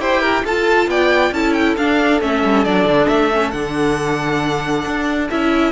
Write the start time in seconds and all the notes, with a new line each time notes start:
0.00 E4 G4 C5 G5
0.21 A#4
0.45 F4 A4 A5
0.87 B3 D5 G5
1.32 C#4 E4 A4 A5
1.53 G5
1.77 D4 F5
2.21 A3 C#4 E5
2.45 G3
2.65 F#3 D4 D5
2.85 D3
3.08 A3 E5
3.32 C#4
3.51 D3 D4 F#5
4.86 D4
5.31 C#4 E4 E5